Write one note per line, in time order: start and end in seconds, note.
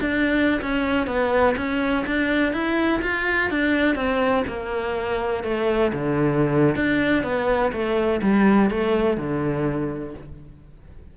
0.00 0.60 D4
0.61 1.06 C#4
1.06 1.55 B3
1.57 2.05 C#4
2.06 2.52 D4
2.52 3.01 E4
3.02 3.50 F4
3.50 3.95 D4
3.95 4.43 C4
4.47 5.43 A#3
5.43 5.91 A3
5.92 6.75 D3
6.75 7.23 D4
7.23 7.71 B3
7.72 8.20 A3
8.22 8.70 G3
8.70 9.17 A3
9.17 10.14 D3